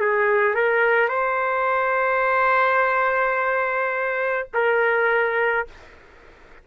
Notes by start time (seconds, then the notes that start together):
0.00 G#4
0.55 A#4
1.09 C5
4.54 A#4